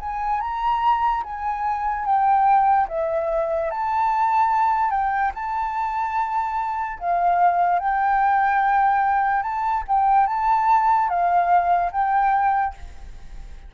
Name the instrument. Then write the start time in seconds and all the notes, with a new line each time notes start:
flute
0.00 G#5
0.41 A#5
1.24 G#5
2.06 G5
2.89 E5
3.71 A5
4.91 G5
5.35 A5
7.00 F5
7.80 G5
9.43 A5
9.88 G5
10.27 A5
11.09 F5
11.92 G5